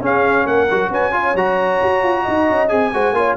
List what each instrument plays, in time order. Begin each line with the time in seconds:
0.00 tuba C#4, trombone C#4, horn G#4, trumpet F5
0.46 tuba A#3, horn A#4, trumpet F#5
0.71 tuba F#3, trombone F#4
0.90 tuba C#4, horn B4, trumpet G#5
1.12 trombone F4, horn C#5
1.34 tuba F#3, trombone F#4, trumpet A#5
1.82 tuba F#4
2.03 tuba F4
2.22 tuba D#4, horn D#5
2.49 tuba C#4
2.68 tuba C4, trombone G#4, trumpet G#5
2.93 tuba G#3, trombone F#4, horn C5
3.12 tuba A#3, trombone F4, horn C#5